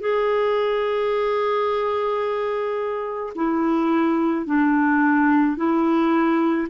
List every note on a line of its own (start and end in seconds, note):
0.00 3.33 G#4
3.35 4.46 E4
4.46 5.57 D4
5.57 6.68 E4